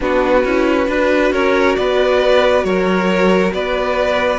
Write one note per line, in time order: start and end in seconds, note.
0.00 0.44 B3
0.00 0.44 D4
0.00 0.89 F#4
0.00 1.32 B4
0.44 0.87 C#4
0.44 0.88 E4
0.87 1.31 D4
0.87 4.39 F#4
0.87 1.32 B4
1.31 1.76 C#4
1.31 1.76 A#4
1.31 1.75 C#5
1.75 2.64 B3
1.75 2.65 B4
1.75 2.63 D5
2.63 3.52 F#3
2.63 3.53 A#4
2.63 3.52 C#5
3.53 4.39 B3
3.53 4.39 B4
3.53 4.39 D5